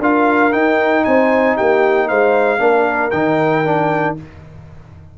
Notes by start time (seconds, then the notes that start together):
0.00 D4 F4 A#4 F5
0.52 D#4 G5
1.05 C4 C5 G#5
1.57 A#3 G4 G5
2.08 G#3 C5 F5
2.59 A#3 D4 A#4
3.11 D#3 D#4 G5
3.65 D4